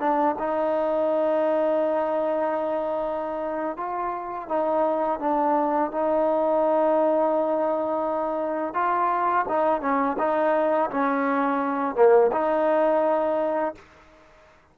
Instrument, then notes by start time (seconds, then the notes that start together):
trombone
0.00 D4
0.39 D#4
3.77 F4
4.49 D#4
5.20 D4
5.91 D#4
8.74 F4
9.49 D#4
9.81 C#4
10.19 D#4
10.91 C#4
11.95 A#3
12.32 D#4